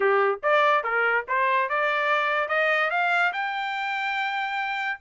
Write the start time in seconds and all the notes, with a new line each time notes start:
0.00 G4
0.43 D5
0.83 A#4
1.27 C5
1.69 D5
2.48 D#5
2.90 F5
3.32 G5